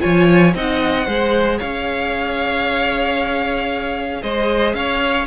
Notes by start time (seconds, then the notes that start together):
0.00 F3 F4 C#5 G#5
0.55 C4 D#4 D#5 F#5
1.06 G#3 G#4 C5
1.58 C#4 C#5 F5
4.23 G#3 C5 D#5
4.74 C#4 C#5 F5